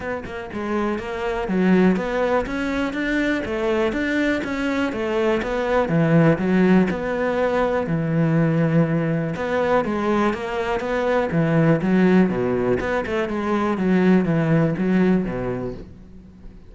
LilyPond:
\new Staff \with { instrumentName = "cello" } { \time 4/4 \tempo 4 = 122 b8 ais8 gis4 ais4 fis4 | b4 cis'4 d'4 a4 | d'4 cis'4 a4 b4 | e4 fis4 b2 |
e2. b4 | gis4 ais4 b4 e4 | fis4 b,4 b8 a8 gis4 | fis4 e4 fis4 b,4 | }